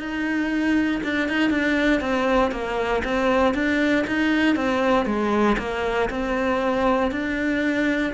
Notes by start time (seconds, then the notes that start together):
0.00 D#4
1.04 D4
1.29 D#4
1.51 D4
2.01 C4
2.52 A#3
3.04 C4
3.55 D4
4.07 D#4
4.56 C4
5.06 G#3
5.58 A#3
6.10 C4
7.11 D4